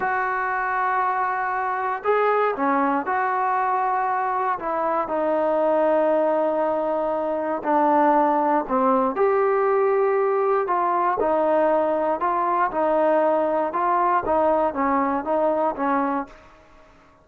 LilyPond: \new Staff \with { instrumentName = "trombone" } { \time 4/4 \tempo 4 = 118 fis'1 | gis'4 cis'4 fis'2~ | fis'4 e'4 dis'2~ | dis'2. d'4~ |
d'4 c'4 g'2~ | g'4 f'4 dis'2 | f'4 dis'2 f'4 | dis'4 cis'4 dis'4 cis'4 | }